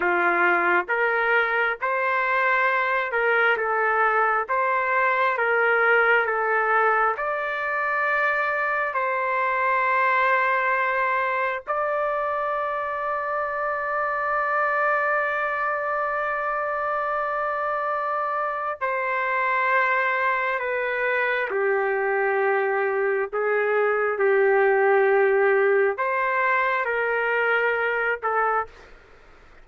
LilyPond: \new Staff \with { instrumentName = "trumpet" } { \time 4/4 \tempo 4 = 67 f'4 ais'4 c''4. ais'8 | a'4 c''4 ais'4 a'4 | d''2 c''2~ | c''4 d''2.~ |
d''1~ | d''4 c''2 b'4 | g'2 gis'4 g'4~ | g'4 c''4 ais'4. a'8 | }